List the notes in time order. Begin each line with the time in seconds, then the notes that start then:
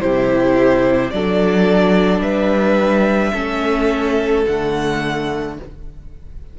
0.00 C3 E4 G4 C5
1.11 F#3 D4 A4 D5
2.20 G3 B4 E5
3.32 A3 C#4 A4
4.47 D3 A3 F#5